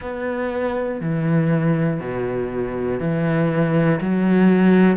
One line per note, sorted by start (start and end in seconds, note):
0.00 1.00 B3
1.00 2.00 E3
2.00 3.00 B2
3.00 4.00 E3
4.00 4.97 F#3